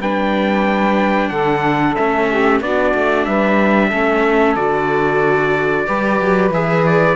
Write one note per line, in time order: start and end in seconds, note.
0.00 1.30 G3
0.00 1.97 D4
0.00 1.30 B4
0.00 1.29 G5
1.29 1.96 D3
1.29 2.28 A4
1.29 1.95 F#5
1.96 2.61 A3
1.96 2.62 C#4
1.96 2.61 E5
2.29 2.62 G4
2.61 2.94 B3
2.61 3.92 D4
2.61 3.27 F#4
2.61 3.26 D5
2.95 3.27 A3
3.26 3.92 G3
3.26 3.88 B4
3.26 4.56 E5
3.88 4.57 A3
3.88 4.58 C#4
3.88 5.84 A4
4.56 5.87 D3
4.56 5.87 F#4
4.56 6.51 D5
5.87 6.21 G3
5.87 6.52 G4
5.87 7.16 B4
6.21 6.51 F#3
6.51 7.16 E3
6.51 7.16 G#4
6.51 6.86 E5
6.86 7.16 D5